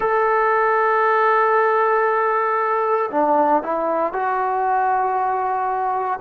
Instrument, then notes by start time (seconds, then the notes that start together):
trombone
0.00 A4
3.11 D4
3.63 E4
4.12 F#4